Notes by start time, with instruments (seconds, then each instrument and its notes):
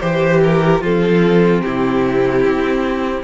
0.00 cello E3, viola G4, violin G4 C5
0.43 violin A#4
0.81 cello F3, viola C4, violin F4 A4
1.61 cello C3, violin E4 G4
2.45 cello C4